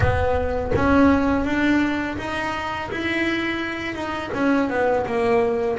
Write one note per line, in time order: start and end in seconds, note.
0.00 0.72 B3
0.75 1.45 C#4
1.45 2.17 D4
2.17 2.89 D#4
2.91 3.94 E4
3.94 4.30 D#4
4.33 4.69 C#4
4.69 5.05 B3
5.06 5.78 A#3